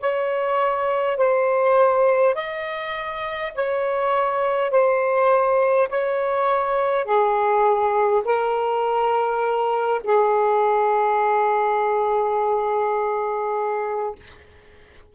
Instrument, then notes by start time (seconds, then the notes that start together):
saxophone
0.00 C#5
1.17 C5
2.35 D#5
3.55 C#5
4.71 C5
5.89 C#5
7.04 G#4
8.25 A#4
10.03 G#4